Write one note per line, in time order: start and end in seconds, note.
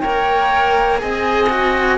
0.00 1.02 A#3
0.00 0.99 A#4
0.00 0.99 C#5
0.00 0.98 G5
0.99 1.98 C4
0.99 1.48 G#4
0.99 1.98 D#5
0.99 1.98 G#5
1.49 1.98 F#4